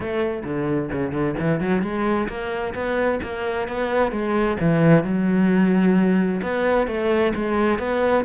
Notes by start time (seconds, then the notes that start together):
0.00 A3
0.44 D3
0.92 C#3
1.12 D3
1.39 E3
1.60 F#3
1.82 G#3
2.28 A#3
2.74 B3
3.22 A#3
3.67 B3
4.11 G#3
4.60 E3
5.03 F#3
6.42 B3
6.87 A3
7.34 G#3
7.78 B3